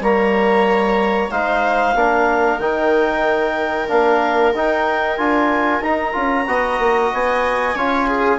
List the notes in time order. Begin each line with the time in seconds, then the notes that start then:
0.00 G3 A#3 C#5 A#5
1.30 G#3 D#4 C5 F5
1.94 A#3 D4 A#4
2.59 D#3 D#4 G5
3.88 A#3 D4 F5
4.53 D#4 G5
5.17 D4 F4 G#5
5.80 D#4 A#5
6.13 C#4 F4
6.46 B3 F#4 D#5
6.78 A#3
7.13 B3 G#5
7.75 C#4 F4 C#5
8.07 G#4